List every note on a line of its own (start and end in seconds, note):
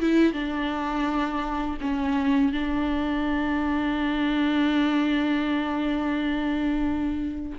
0.00 0.33 E4
0.33 1.77 D4
1.81 2.52 C#4
2.52 7.58 D4